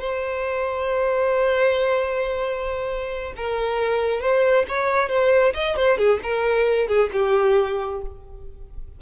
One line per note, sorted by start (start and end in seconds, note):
0.00 3.33 C5
3.37 4.21 A#4
4.21 4.65 C5
4.68 5.09 C#5
5.09 5.53 C5
5.54 5.76 D#5
5.76 5.98 C5
5.98 6.20 G#4
6.23 6.88 A#4
6.88 7.10 G#4
7.13 8.01 G4